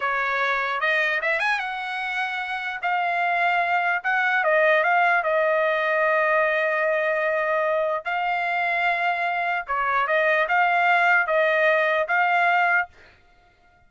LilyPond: \new Staff \with { instrumentName = "trumpet" } { \time 4/4 \tempo 4 = 149 cis''2 dis''4 e''8 gis''8 | fis''2. f''4~ | f''2 fis''4 dis''4 | f''4 dis''2.~ |
dis''1 | f''1 | cis''4 dis''4 f''2 | dis''2 f''2 | }